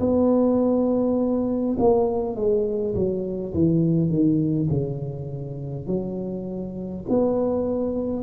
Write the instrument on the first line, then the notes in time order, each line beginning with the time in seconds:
tuba
0.00 B3
1.79 A#3
2.35 G#3
2.95 F#3
3.54 E3
4.10 D#3
4.70 C#3
5.87 F#3
7.09 B3